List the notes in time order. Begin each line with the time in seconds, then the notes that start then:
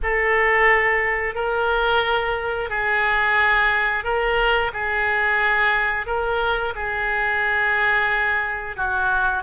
0.02 A4
1.35 A#4
2.69 G#4
4.04 A#4
4.73 G#4
6.06 A#4
6.75 G#4
8.76 F#4